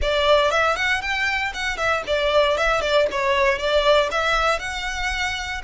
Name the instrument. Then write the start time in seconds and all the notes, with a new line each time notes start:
violin
0.01 D5
0.51 E5
0.76 F#5
1.01 G5
1.53 F#5
1.77 E5
2.06 D5
2.57 E5
2.81 D5
3.11 C#5
3.58 D5
4.11 E5
4.59 F#5